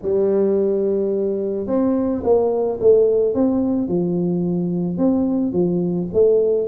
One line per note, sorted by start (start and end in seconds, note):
0.02 1.67 G3
1.67 2.22 C4
2.23 2.79 A#3
2.80 3.34 A3
3.34 3.87 C4
3.87 4.97 F3
4.97 5.52 C4
5.52 6.07 F3
6.13 6.67 A3